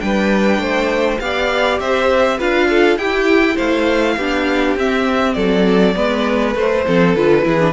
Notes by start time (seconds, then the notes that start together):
0.00 G3 D4 B4 G5
0.59 A3 C5
1.20 B3 G4 D5 F5
1.81 C4 C5 E5
2.38 D4 F4 B4 F5
2.70 A4
2.97 E4 G4 G5
3.56 A3 C5 F5
4.17 B3 D4 G4
4.76 C4 E5
5.34 F#3 A4 D5
5.95 G#3 B3 B4
6.55 A3 C5
6.87 F3 C4 A4
7.15 D3 F4 B4
7.43 E3 E4 G#4
7.61 D4